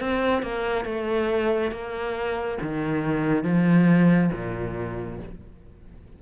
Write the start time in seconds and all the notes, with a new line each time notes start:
0.00 C4
0.42 A#3
0.85 A3
1.71 A#3
2.62 D#3
3.43 F3
4.32 A#2